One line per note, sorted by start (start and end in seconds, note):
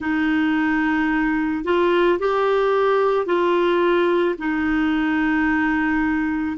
0.00 1.64 D#4
1.64 2.18 F4
2.19 3.26 G4
3.26 4.35 F4
4.38 6.57 D#4